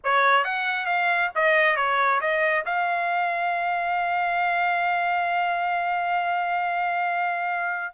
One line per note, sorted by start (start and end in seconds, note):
0.04 0.44 C#5
0.44 0.86 F#5
0.86 1.30 F5
1.35 1.76 D#5
1.76 2.20 C#5
2.20 2.64 D#5
2.65 7.94 F5